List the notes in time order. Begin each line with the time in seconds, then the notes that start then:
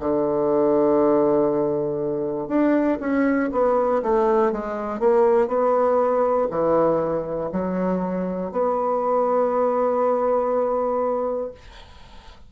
0.00 D3
2.48 D4
3.00 C#4
3.52 B3
4.03 A3
4.52 G#3
5.00 A#3
5.48 B3
6.50 E3
7.52 F#3
8.52 B3